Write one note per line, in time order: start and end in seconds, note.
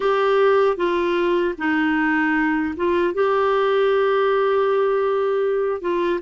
0.00 0.77 G4
0.77 1.54 F4
1.58 2.74 D#4
2.76 3.14 F4
3.14 5.81 G4
5.81 6.19 F4